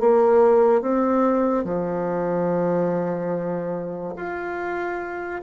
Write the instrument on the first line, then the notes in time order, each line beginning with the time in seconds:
bassoon
0.00 A#3
0.81 C4
1.64 F3
4.16 F4